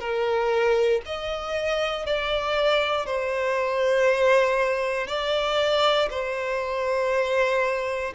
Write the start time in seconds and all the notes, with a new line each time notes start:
0.00 A#4
1.05 D#5
2.06 D5
3.06 C5
5.07 D5
6.10 C5